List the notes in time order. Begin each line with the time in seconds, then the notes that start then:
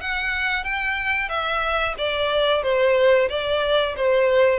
0.00 F#5
0.64 G5
1.29 E5
1.98 D5
2.63 C5
3.29 D5
3.97 C5